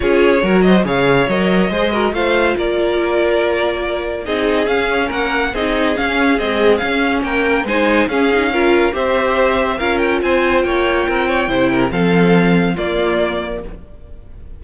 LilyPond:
<<
  \new Staff \with { instrumentName = "violin" } { \time 4/4 \tempo 4 = 141 cis''4. dis''8 f''4 dis''4~ | dis''4 f''4 d''2~ | d''2 dis''4 f''4 | fis''4 dis''4 f''4 dis''4 |
f''4 g''4 gis''4 f''4~ | f''4 e''2 f''8 g''8 | gis''4 g''2. | f''2 d''2 | }
  \new Staff \with { instrumentName = "violin" } { \time 4/4 gis'4 ais'8 c''8 cis''2 | c''8 ais'8 c''4 ais'2~ | ais'2 gis'2 | ais'4 gis'2.~ |
gis'4 ais'4 c''4 gis'4 | ais'4 c''2 ais'4 | c''4 cis''4 ais'8 cis''8 c''8 ais'8 | a'2 f'2 | }
  \new Staff \with { instrumentName = "viola" } { \time 4/4 f'4 fis'4 gis'4 ais'4 | gis'8 fis'8 f'2.~ | f'2 dis'4 cis'4~ | cis'4 dis'4 cis'4 gis4 |
cis'2 dis'4 cis'8 dis'8 | f'4 g'2 f'4~ | f'2. e'4 | c'2 ais2 | }
  \new Staff \with { instrumentName = "cello" } { \time 4/4 cis'4 fis4 cis4 fis4 | gis4 a4 ais2~ | ais2 c'4 cis'4 | ais4 c'4 cis'4 c'4 |
cis'4 ais4 gis4 cis'4~ | cis'4 c'2 cis'4 | c'4 ais4 c'4 c4 | f2 ais2 | }
>>